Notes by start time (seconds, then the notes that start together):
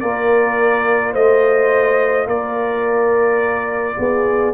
0.00 A#3 F4 A#4 D5
1.13 A3 C5 D#5
2.27 A#3 A#4 D5
3.98 B3 G#4